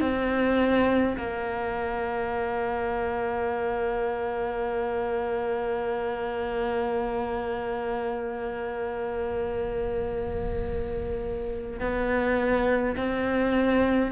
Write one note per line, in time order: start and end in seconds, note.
0.00 1.15 C4
1.17 11.80 A#3
11.80 12.95 B3
12.96 14.11 C4